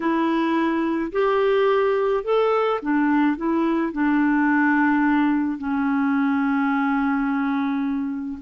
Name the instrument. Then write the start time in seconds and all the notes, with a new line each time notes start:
clarinet
0.00 E4
1.12 G4
2.24 A4
2.82 D4
3.36 E4
3.92 D4
5.58 C#4